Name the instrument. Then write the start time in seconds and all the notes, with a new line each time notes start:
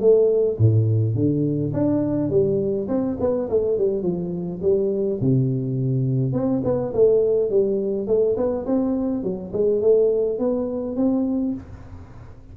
tuba
0.00 A3
0.58 A2
1.15 D3
1.73 D4
2.30 G3
2.88 C4
3.20 B3
3.50 A3
3.78 G3
4.03 F3
4.62 G3
5.21 C3
6.33 C4
6.64 B3
6.94 A3
7.50 G3
8.07 A3
8.37 B3
8.66 C4
9.23 F#3
9.53 G#3
9.81 A3
10.39 B3
10.96 C4